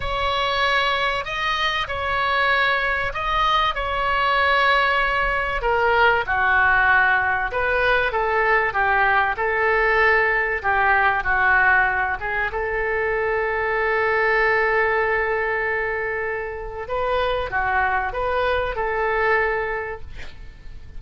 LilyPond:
\new Staff \with { instrumentName = "oboe" } { \time 4/4 \tempo 4 = 96 cis''2 dis''4 cis''4~ | cis''4 dis''4 cis''2~ | cis''4 ais'4 fis'2 | b'4 a'4 g'4 a'4~ |
a'4 g'4 fis'4. gis'8 | a'1~ | a'2. b'4 | fis'4 b'4 a'2 | }